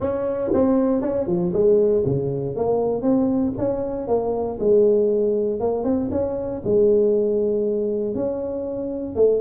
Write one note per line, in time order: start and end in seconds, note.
0.00 0.51 C#4
0.53 1.01 C4
1.01 1.26 C#4
1.26 1.52 F3
1.53 2.04 G#3
2.05 2.56 C#3
2.56 3.01 A#3
3.01 3.52 C4
3.58 4.07 C#4
4.07 4.58 A#3
4.59 5.60 G#3
5.60 5.84 A#3
5.84 6.09 C4
6.11 6.61 C#4
6.64 8.14 G#3
8.14 9.15 C#4
9.15 9.40 A3